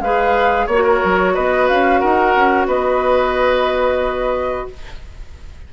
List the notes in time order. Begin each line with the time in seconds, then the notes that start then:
0.00 G#3 G#4 B4 F5
0.66 A#3 C#5
0.72 F#4
0.83 A#4
1.04 F#3
1.34 B3 B4 D#5
1.68 C#4 F5
1.99 D#4 A#4 F#5
2.35 C#4
2.66 B3 B4 D#5